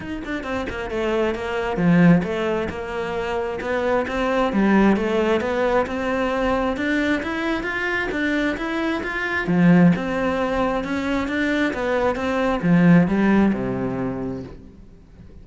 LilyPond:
\new Staff \with { instrumentName = "cello" } { \time 4/4 \tempo 4 = 133 dis'8 d'8 c'8 ais8 a4 ais4 | f4 a4 ais2 | b4 c'4 g4 a4 | b4 c'2 d'4 |
e'4 f'4 d'4 e'4 | f'4 f4 c'2 | cis'4 d'4 b4 c'4 | f4 g4 c2 | }